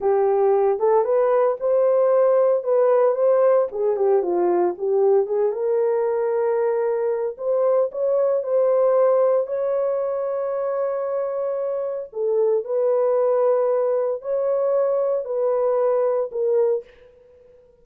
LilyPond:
\new Staff \with { instrumentName = "horn" } { \time 4/4 \tempo 4 = 114 g'4. a'8 b'4 c''4~ | c''4 b'4 c''4 gis'8 g'8 | f'4 g'4 gis'8 ais'4.~ | ais'2 c''4 cis''4 |
c''2 cis''2~ | cis''2. a'4 | b'2. cis''4~ | cis''4 b'2 ais'4 | }